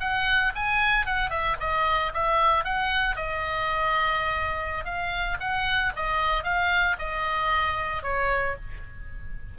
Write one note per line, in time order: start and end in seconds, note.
0.00 0.53 F#5
0.55 1.06 G#5
1.06 1.30 F#5
1.30 1.56 E5
1.60 2.12 D#5
2.14 2.64 E5
2.64 3.16 F#5
3.16 4.84 D#5
4.84 5.37 F5
5.40 5.92 F#5
5.96 6.43 D#5
6.43 6.96 F5
6.99 8.03 D#5
8.03 8.55 C#5